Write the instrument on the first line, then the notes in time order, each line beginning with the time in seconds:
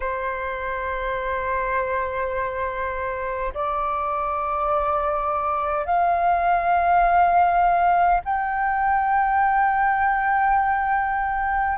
flute
0.00 C5
3.53 D5
5.85 F5
8.25 G5